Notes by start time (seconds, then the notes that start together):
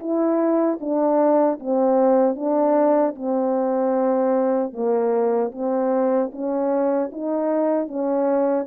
0.00 E4
0.81 D4
1.60 C4
2.36 D4
3.15 C4
4.73 A#3
5.52 C4
6.32 C#4
7.12 D#4
7.88 C#4